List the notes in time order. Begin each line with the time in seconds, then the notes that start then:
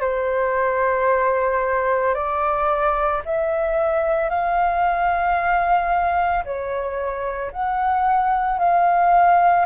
0.00 C5
2.14 D5
3.25 E5
4.29 F5
6.44 C#5
7.52 F#5
8.59 F5